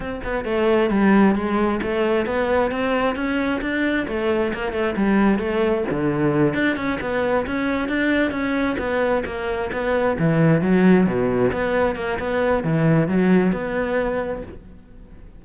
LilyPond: \new Staff \with { instrumentName = "cello" } { \time 4/4 \tempo 4 = 133 c'8 b8 a4 g4 gis4 | a4 b4 c'4 cis'4 | d'4 a4 ais8 a8 g4 | a4 d4. d'8 cis'8 b8~ |
b8 cis'4 d'4 cis'4 b8~ | b8 ais4 b4 e4 fis8~ | fis8 b,4 b4 ais8 b4 | e4 fis4 b2 | }